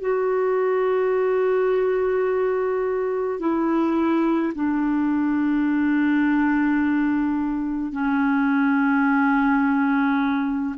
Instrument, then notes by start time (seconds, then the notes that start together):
clarinet
0.00 F#4
3.40 E4
4.55 D4
7.92 C#4